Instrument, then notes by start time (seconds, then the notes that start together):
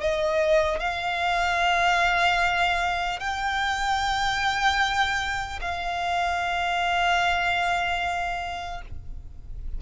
violin
0.00 D#5
0.79 F5
3.19 G5
5.61 F5